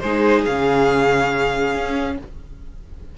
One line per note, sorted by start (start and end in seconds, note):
0.00 0.46 G#3
0.00 0.47 D#4
0.00 2.15 G#4
0.00 0.43 C5
0.46 1.75 C#3
0.46 2.18 C#4
0.46 2.16 F5
1.75 2.18 C#4